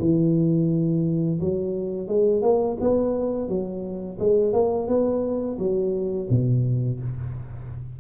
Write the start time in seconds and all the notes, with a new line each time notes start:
0.00 E3
1.40 F#3
2.08 G#3
2.42 A#3
2.80 B3
3.48 F#3
4.19 G#3
4.53 A#3
4.88 B3
5.58 F#3
6.30 B2